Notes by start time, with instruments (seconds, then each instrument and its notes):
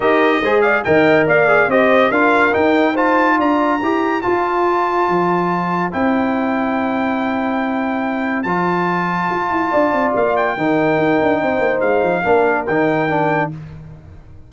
0.00 tuba D#4, trombone G4, horn A#4, trumpet D#5
0.41 tuba G#3, trombone G#4, horn C5
0.61 horn D5, trumpet F5
0.84 tuba D#3, trombone A#4, horn D#5, trumpet G5
1.26 tuba A#3, horn D5, trumpet F5
1.48 trombone G#4
1.67 tuba C4, trombone G4, horn C5, trumpet D#5
2.10 tuba D4, trombone F4, horn A#4, trumpet F5
2.52 trombone D#4, tuba D#4, trumpet G5
2.92 trombone F4, horn C5, trumpet A5
3.38 tuba D4, horn D5, trumpet A#5
3.80 tuba E4, trombone G4, horn C5
4.21 trombone F4, tuba F4, trumpet A5
5.08 tuba F3
5.91 tuba C4, trombone E4, trumpet G5
8.42 tuba F3, trombone F4, trumpet A5
9.30 tuba F4
9.50 tuba E4
9.71 tuba D4, horn D5
9.92 tuba C4
10.15 tuba A#3, trumpet F5
10.36 trumpet G5
10.57 tuba D#3, trombone D#4, horn A#4
10.98 tuba D#4
11.22 tuba D4
11.41 tuba C4, horn C5
11.59 tuba A#3
11.80 tuba G#3, trumpet F5
12.03 tuba F3
12.24 tuba A#3, trombone D4, horn A#4
12.66 tuba D#3, trombone D#4, trumpet G5
13.08 trombone D4